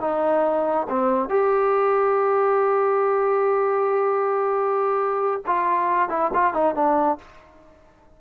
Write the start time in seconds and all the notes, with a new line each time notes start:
0.00 D#4
0.89 C4
1.29 G4
5.46 F4
6.09 E4
6.34 F4
6.53 D#4
6.75 D4